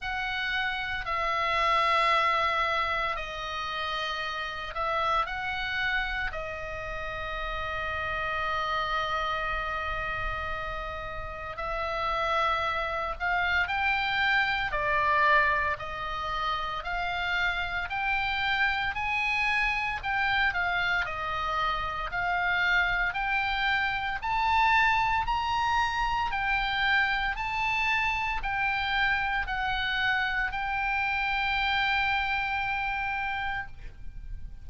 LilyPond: \new Staff \with { instrumentName = "oboe" } { \time 4/4 \tempo 4 = 57 fis''4 e''2 dis''4~ | dis''8 e''8 fis''4 dis''2~ | dis''2. e''4~ | e''8 f''8 g''4 d''4 dis''4 |
f''4 g''4 gis''4 g''8 f''8 | dis''4 f''4 g''4 a''4 | ais''4 g''4 a''4 g''4 | fis''4 g''2. | }